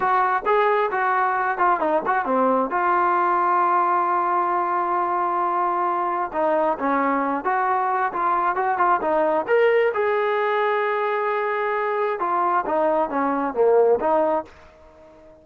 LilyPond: \new Staff \with { instrumentName = "trombone" } { \time 4/4 \tempo 4 = 133 fis'4 gis'4 fis'4. f'8 | dis'8 fis'8 c'4 f'2~ | f'1~ | f'2 dis'4 cis'4~ |
cis'8 fis'4. f'4 fis'8 f'8 | dis'4 ais'4 gis'2~ | gis'2. f'4 | dis'4 cis'4 ais4 dis'4 | }